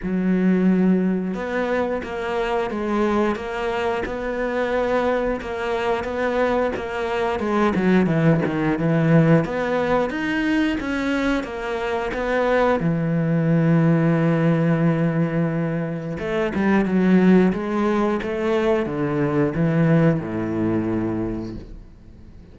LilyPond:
\new Staff \with { instrumentName = "cello" } { \time 4/4 \tempo 4 = 89 fis2 b4 ais4 | gis4 ais4 b2 | ais4 b4 ais4 gis8 fis8 | e8 dis8 e4 b4 dis'4 |
cis'4 ais4 b4 e4~ | e1 | a8 g8 fis4 gis4 a4 | d4 e4 a,2 | }